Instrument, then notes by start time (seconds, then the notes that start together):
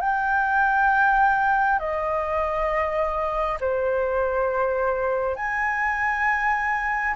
flute
0.00 G5
1.79 D#5
3.60 C5
5.35 G#5